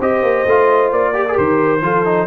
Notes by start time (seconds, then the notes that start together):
0.00 C4 G4 C5 D#5
0.23 A#3
0.46 A3 F4
0.92 A#3 D5
1.14 G4 A#4
1.29 G4 G#4
1.38 D#3 C5
1.82 F3 F4 A4
2.05 D#4